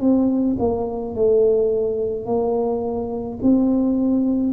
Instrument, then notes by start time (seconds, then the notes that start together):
tuba
0.00 C4
0.59 A#3
1.15 A3
2.26 A#3
3.42 C4